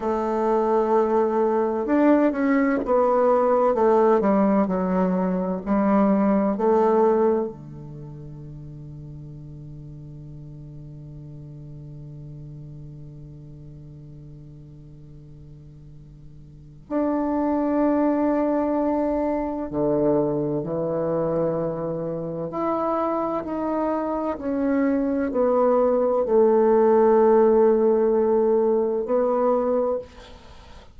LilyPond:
\new Staff \with { instrumentName = "bassoon" } { \time 4/4 \tempo 4 = 64 a2 d'8 cis'8 b4 | a8 g8 fis4 g4 a4 | d1~ | d1~ |
d2 d'2~ | d'4 d4 e2 | e'4 dis'4 cis'4 b4 | a2. b4 | }